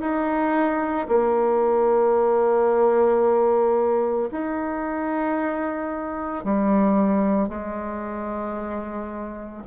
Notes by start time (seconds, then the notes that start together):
0.00 D#4
1.08 A#3
4.31 D#4
6.44 G3
7.48 G#3